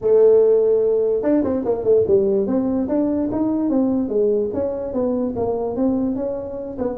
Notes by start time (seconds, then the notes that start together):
0.01 A3
1.22 D4
1.43 C4
1.64 A#3
1.84 A3
2.07 G3
2.47 C4
2.88 D4
3.31 D#4
3.69 C4
4.09 G#3
4.53 C#4
4.93 B3
5.36 A#3
5.76 C4
6.15 C#4
6.78 B3